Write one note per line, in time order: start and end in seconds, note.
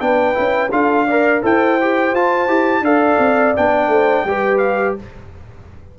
0.00 0.36 B3
0.00 0.34 D4
0.00 0.72 B4
0.00 0.71 G5
0.34 0.71 C#4
0.34 0.69 E4
0.71 1.42 D4
0.71 1.06 F4
0.71 1.06 A4
0.71 1.42 F5
1.06 1.42 A#4
1.06 1.41 D5
1.41 2.12 E4
1.41 1.78 A4
1.41 2.83 C5
1.41 2.15 G5
1.81 2.15 G4
2.12 2.48 F4
2.12 2.84 A5
2.48 2.81 E4
2.48 2.83 G4
2.81 3.16 D4
2.81 3.55 A4
2.81 3.90 D5
2.81 3.55 F5
3.19 3.54 C4
3.56 3.88 B3
3.56 4.27 D4
3.56 4.58 G5
3.88 4.23 A3
3.88 4.26 C5
4.25 4.95 G3
4.25 4.98 G4
4.25 4.99 B4
4.58 4.93 F5